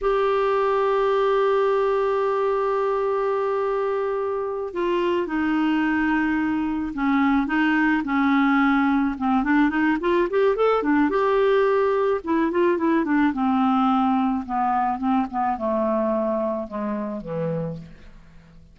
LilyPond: \new Staff \with { instrumentName = "clarinet" } { \time 4/4 \tempo 4 = 108 g'1~ | g'1~ | g'8 f'4 dis'2~ dis'8~ | dis'8 cis'4 dis'4 cis'4.~ |
cis'8 c'8 d'8 dis'8 f'8 g'8 a'8 d'8 | g'2 e'8 f'8 e'8 d'8 | c'2 b4 c'8 b8 | a2 gis4 e4 | }